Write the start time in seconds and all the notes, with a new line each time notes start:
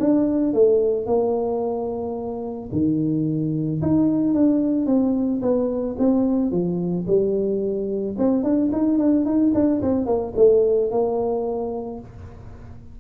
0.00 D4
0.54 A3
1.07 A#3
2.72 D#3
3.82 D#4
4.35 D4
4.87 C4
5.42 B3
5.99 C4
6.52 F3
7.07 G3
8.18 C4
8.44 D4
8.72 D#4
8.99 D4
9.26 D#4
9.55 D4
9.82 C4
10.06 A#3
10.37 A3
10.91 A#3